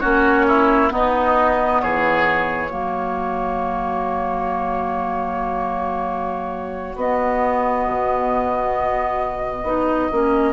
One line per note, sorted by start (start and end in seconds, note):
0.00 0.92 A#3
0.00 0.90 C#4
0.00 0.46 F#4
0.00 0.90 C#5
0.48 0.93 E4
0.90 2.69 B3
0.90 1.82 B3
0.90 1.82 D#4
0.90 1.81 D#5
1.81 2.71 E3
1.81 2.71 G#4
1.81 6.96 C#5
2.71 6.96 F#3
2.71 6.96 A#3
2.71 10.54 F#4
6.96 7.86 B3
6.96 9.66 B3
6.96 10.54 D#5
7.88 9.64 B2
9.64 10.09 B3
9.64 10.10 D#4
10.12 10.54 A#3
10.12 10.54 C#4